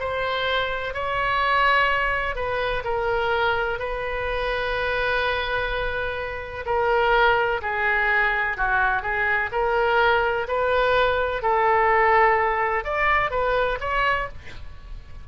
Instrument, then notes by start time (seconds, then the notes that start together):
oboe
0.00 C5
0.94 C#5
2.36 B4
2.84 A#4
3.80 B4
6.66 A#4
7.62 G#4
8.57 F#4
9.02 G#4
9.52 A#4
10.48 B4
11.42 A4
12.84 D5
13.31 B4
13.81 C#5